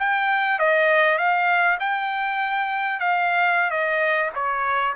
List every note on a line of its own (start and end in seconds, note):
0.00 0.59 G5
0.59 1.19 D#5
1.19 1.79 F5
1.80 3.00 G5
3.00 3.71 F5
3.71 4.31 D#5
4.36 4.96 C#5